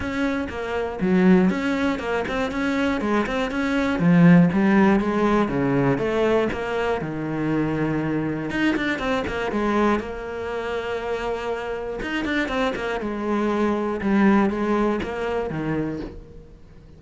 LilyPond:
\new Staff \with { instrumentName = "cello" } { \time 4/4 \tempo 4 = 120 cis'4 ais4 fis4 cis'4 | ais8 c'8 cis'4 gis8 c'8 cis'4 | f4 g4 gis4 cis4 | a4 ais4 dis2~ |
dis4 dis'8 d'8 c'8 ais8 gis4 | ais1 | dis'8 d'8 c'8 ais8 gis2 | g4 gis4 ais4 dis4 | }